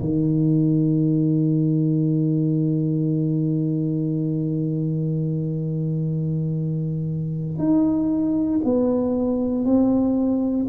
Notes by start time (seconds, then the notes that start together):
0.00 D#3
7.59 D#4
8.64 B3
9.65 C4